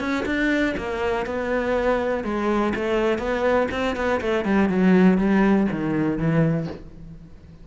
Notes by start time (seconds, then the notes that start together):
0.00 C#4
0.25 D4
0.77 A#3
1.26 B3
2.24 G#3
2.75 A3
3.18 B3
3.71 C4
3.96 B3
4.21 A3
4.45 G3
4.69 F#3
5.18 G3
5.71 D#3
6.18 E3